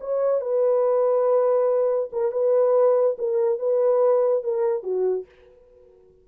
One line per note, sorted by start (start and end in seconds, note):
0.00 0.41 C#5
0.41 2.10 B4
2.12 2.32 A#4
2.32 3.16 B4
3.18 3.59 A#4
3.59 4.43 B4
4.43 4.83 A#4
4.83 5.25 F#4